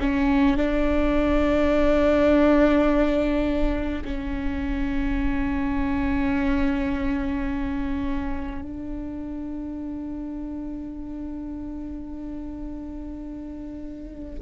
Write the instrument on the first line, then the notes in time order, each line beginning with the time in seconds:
viola
0.00 C#4
0.57 D4
4.04 C#4
8.62 D4